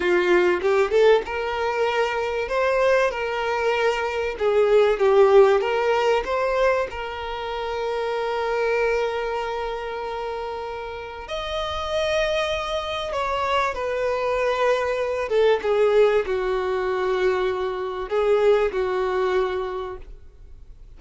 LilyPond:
\new Staff \with { instrumentName = "violin" } { \time 4/4 \tempo 4 = 96 f'4 g'8 a'8 ais'2 | c''4 ais'2 gis'4 | g'4 ais'4 c''4 ais'4~ | ais'1~ |
ais'2 dis''2~ | dis''4 cis''4 b'2~ | b'8 a'8 gis'4 fis'2~ | fis'4 gis'4 fis'2 | }